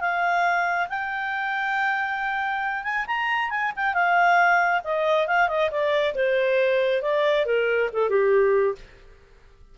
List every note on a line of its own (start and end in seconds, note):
0.00 0.88 F5
0.89 2.83 G5
2.83 3.05 G#5
3.06 3.50 A#5
3.50 3.72 G#5
3.76 3.94 G5
3.94 4.81 F5
4.84 5.27 D#5
5.27 5.48 F5
5.48 5.70 D#5
5.70 6.14 D5
6.14 7.02 C5
7.02 7.45 D5
7.45 7.89 A#4
7.92 8.09 A4
8.09 8.75 G4